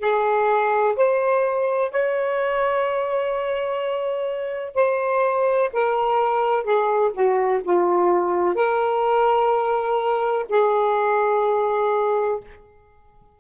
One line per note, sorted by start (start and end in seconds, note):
0.00 0.95 G#4
0.96 1.91 C5
1.91 4.75 C#5
4.75 5.70 C5
5.73 6.64 A#4
6.64 7.11 G#4
7.13 7.61 F#4
7.64 8.55 F4
8.55 10.45 A#4
10.49 12.40 G#4